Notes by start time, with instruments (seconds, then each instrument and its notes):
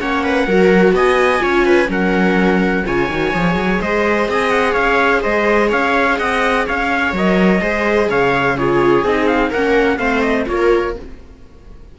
0.00 cello A#3, viola C#4 C#5, trumpet F#5
0.24 viola B4
0.47 cello F#3, viola F#4 A#4
0.93 cello B3, viola D#5, trumpet G#5
1.39 cello C#4, viola F4 C#5
1.65 viola B4
1.88 cello F#3, viola C#4 A#4, trumpet F#5
2.86 cello C#3, viola F4 C#5, trumpet G#5
3.09 cello D#3, viola F#4
3.34 cello F3, viola G#4
3.55 cello F#3
3.81 cello G#3, viola C5, trumpet D#5
4.28 cello C4, viola D#5, trumpet G#5
4.50 trumpet F#5
4.72 cello C#4, viola C#5, trumpet F5
5.22 cello G#3, viola C5, trumpet D#5
5.69 cello C#4, viola C#5, trumpet F5
6.18 cello C4, viola D#5, trumpet F#5
6.66 cello C#4, viola C#5, trumpet F5
7.13 cello F#3, viola A#4, trumpet D#5
7.61 cello G#3, viola G#4 C5
8.09 cello C#3, viola C#5, trumpet F5
8.57 viola F4 G#4, trumpet C#5
9.04 cello C4, viola D#4, trumpet D#5
9.27 trumpet F5
9.50 cello A#3, viola C#4 A#4, trumpet F#5
9.98 cello A3, viola C4 C5, trumpet F5
10.22 trumpet D#5
10.46 cello A#3, viola F4 A#4, trumpet C#5